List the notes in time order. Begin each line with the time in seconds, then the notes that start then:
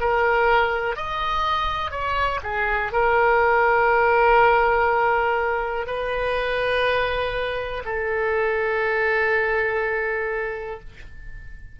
0.00 A#4
0.96 D#5
1.91 C#5
2.43 G#4
2.92 A#4
5.87 B4
7.85 A4